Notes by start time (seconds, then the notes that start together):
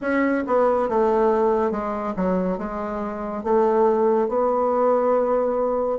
0.01 C#4
0.46 B3
0.88 A3
1.71 G#3
2.16 F#3
2.58 G#3
3.43 A3
4.28 B3